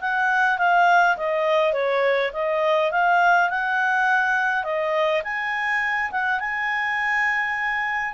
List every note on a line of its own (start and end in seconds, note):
0.00 0.58 F#5
0.58 1.16 F5
1.16 1.73 D#5
1.73 2.31 C#5
2.33 2.91 D#5
2.91 3.49 F5
3.49 4.63 F#5
4.63 5.22 D#5
5.23 6.11 G#5
6.11 6.39 F#5
6.39 8.13 G#5